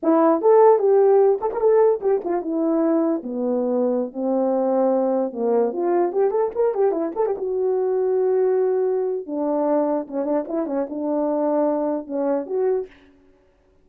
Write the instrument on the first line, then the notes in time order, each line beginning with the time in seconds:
horn
0.02 E4
0.41 A4
0.79 G4
1.41 A4
1.53 A#4
1.60 A4
2.01 G4
2.24 F4
2.41 E4
3.23 B3
4.13 C4
5.32 A#3
5.73 F4
6.12 G4
6.30 A4
6.55 A#4
6.74 G4
6.91 E4
7.15 A4
7.25 G4
7.37 F#4
9.26 D4
10.07 C#4
10.24 D4
10.48 E4
10.66 C#4
10.89 D4
12.06 C#4
12.46 F#4